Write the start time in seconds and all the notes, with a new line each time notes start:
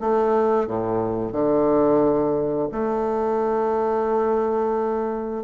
0.00 A3
0.67 A2
1.32 D3
2.71 A3